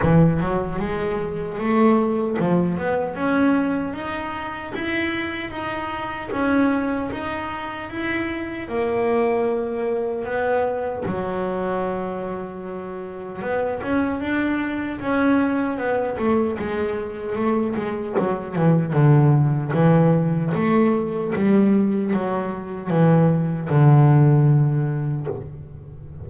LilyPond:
\new Staff \with { instrumentName = "double bass" } { \time 4/4 \tempo 4 = 76 e8 fis8 gis4 a4 f8 b8 | cis'4 dis'4 e'4 dis'4 | cis'4 dis'4 e'4 ais4~ | ais4 b4 fis2~ |
fis4 b8 cis'8 d'4 cis'4 | b8 a8 gis4 a8 gis8 fis8 e8 | d4 e4 a4 g4 | fis4 e4 d2 | }